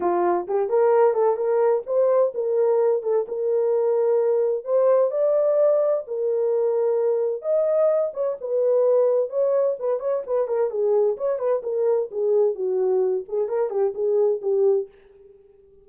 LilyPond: \new Staff \with { instrumentName = "horn" } { \time 4/4 \tempo 4 = 129 f'4 g'8 ais'4 a'8 ais'4 | c''4 ais'4. a'8 ais'4~ | ais'2 c''4 d''4~ | d''4 ais'2. |
dis''4. cis''8 b'2 | cis''4 b'8 cis''8 b'8 ais'8 gis'4 | cis''8 b'8 ais'4 gis'4 fis'4~ | fis'8 gis'8 ais'8 g'8 gis'4 g'4 | }